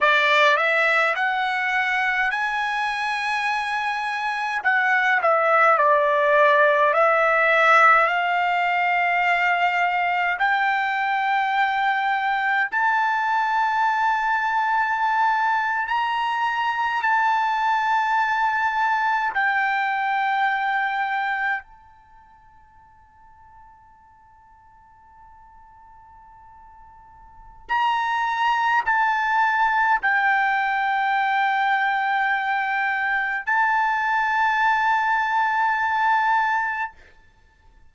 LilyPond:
\new Staff \with { instrumentName = "trumpet" } { \time 4/4 \tempo 4 = 52 d''8 e''8 fis''4 gis''2 | fis''8 e''8 d''4 e''4 f''4~ | f''4 g''2 a''4~ | a''4.~ a''16 ais''4 a''4~ a''16~ |
a''8. g''2 a''4~ a''16~ | a''1 | ais''4 a''4 g''2~ | g''4 a''2. | }